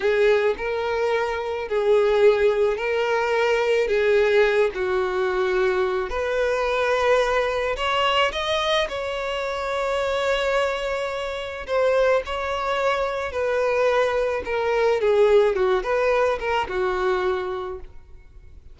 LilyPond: \new Staff \with { instrumentName = "violin" } { \time 4/4 \tempo 4 = 108 gis'4 ais'2 gis'4~ | gis'4 ais'2 gis'4~ | gis'8 fis'2~ fis'8 b'4~ | b'2 cis''4 dis''4 |
cis''1~ | cis''4 c''4 cis''2 | b'2 ais'4 gis'4 | fis'8 b'4 ais'8 fis'2 | }